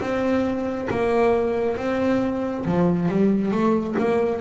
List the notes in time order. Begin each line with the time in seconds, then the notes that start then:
0.00 C4
0.90 A#3
1.76 C4
2.65 F3
3.08 G3
3.51 A3
3.98 A#3